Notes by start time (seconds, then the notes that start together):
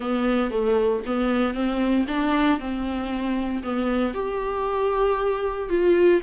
0.00 B3
0.50 A3
1.06 B3
1.54 C4
2.07 D4
2.59 C4
3.63 B3
4.14 G4
5.69 F4